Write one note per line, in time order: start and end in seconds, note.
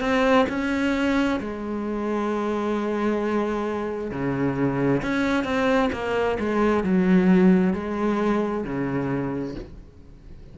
0.00 0.45 C4
0.49 1.40 C#4
1.40 4.11 G#3
4.11 5.02 C#3
5.02 5.44 C#4
5.44 5.89 C4
5.92 6.38 A#3
6.39 6.83 G#3
6.83 7.73 F#3
7.73 8.64 G#3
8.64 9.55 C#3